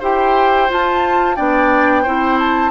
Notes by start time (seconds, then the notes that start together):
0.00 E4 G4 C5 G5
0.69 F4 A5
1.36 B3 D4 D5 G5
2.03 C4 E4 C5
2.39 A5